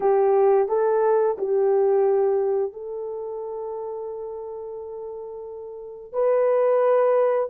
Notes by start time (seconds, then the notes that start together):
0.00 G4
0.68 A4
1.38 G4
2.72 A4
6.12 B4